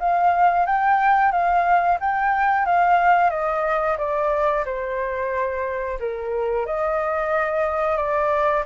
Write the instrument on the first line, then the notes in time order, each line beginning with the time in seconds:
flute
0.00 F5
0.66 G5
1.32 F5
2.01 G5
2.66 F5
3.31 D#5
3.98 D5
4.66 C5
6.00 A#4
6.66 D#5
7.97 D5